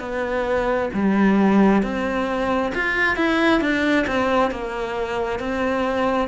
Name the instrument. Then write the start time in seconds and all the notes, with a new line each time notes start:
cello
0.00 B3
0.94 G3
1.83 C4
2.75 F4
3.16 E4
3.61 D4
4.07 C4
4.51 A#3
5.39 C4